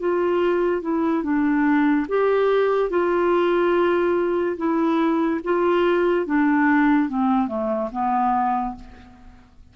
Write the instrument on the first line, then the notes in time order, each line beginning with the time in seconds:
clarinet
0.00 F4
0.82 E4
1.23 D4
2.09 G4
2.91 F4
4.57 E4
5.44 F4
6.27 D4
7.09 C4
7.48 A3
7.92 B3